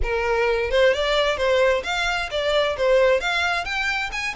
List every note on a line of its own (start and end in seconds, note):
0.02 0.70 A#4
0.70 0.93 C5
0.93 1.37 D5
1.37 1.83 C5
1.83 2.29 F5
2.30 2.76 D5
2.77 3.20 C5
3.20 3.64 F5
3.64 4.10 G5
4.11 4.34 G#5